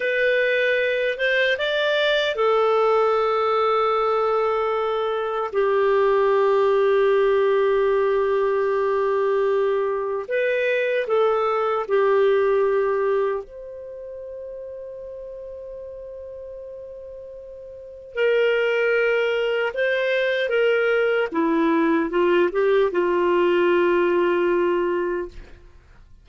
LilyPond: \new Staff \with { instrumentName = "clarinet" } { \time 4/4 \tempo 4 = 76 b'4. c''8 d''4 a'4~ | a'2. g'4~ | g'1~ | g'4 b'4 a'4 g'4~ |
g'4 c''2.~ | c''2. ais'4~ | ais'4 c''4 ais'4 e'4 | f'8 g'8 f'2. | }